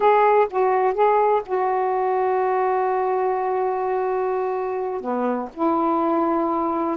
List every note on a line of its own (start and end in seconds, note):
0.00 0.47 G#4
0.50 0.94 F#4
0.94 1.42 G#4
1.46 5.01 F#4
5.01 5.49 B3
5.53 6.97 E4